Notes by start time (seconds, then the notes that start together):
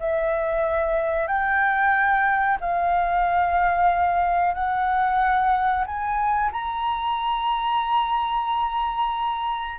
0.00 E5
1.27 G5
2.61 F5
4.54 F#5
5.86 G#5
6.53 A#5